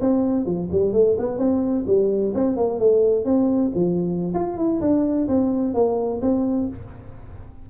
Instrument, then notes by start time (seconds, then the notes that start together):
tuba
0.00 C4
0.45 F3
0.71 G3
0.93 A3
1.18 B3
1.38 C4
1.87 G3
2.34 C4
2.56 A#3
2.79 A3
3.25 C4
3.75 F3
4.34 F4
4.57 E4
4.80 D4
5.28 C4
5.74 A#3
6.21 C4